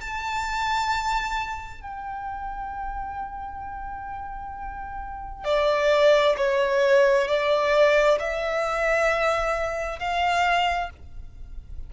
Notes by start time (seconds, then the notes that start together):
0.00 A5
1.81 G5
5.44 D5
6.37 C#5
7.28 D5
8.19 E5
9.99 F5